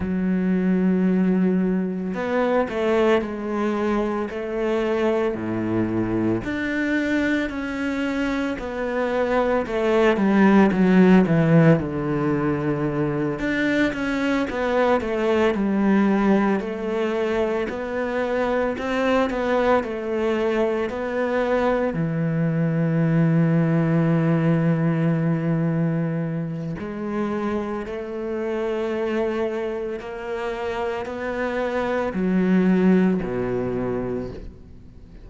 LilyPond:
\new Staff \with { instrumentName = "cello" } { \time 4/4 \tempo 4 = 56 fis2 b8 a8 gis4 | a4 a,4 d'4 cis'4 | b4 a8 g8 fis8 e8 d4~ | d8 d'8 cis'8 b8 a8 g4 a8~ |
a8 b4 c'8 b8 a4 b8~ | b8 e2.~ e8~ | e4 gis4 a2 | ais4 b4 fis4 b,4 | }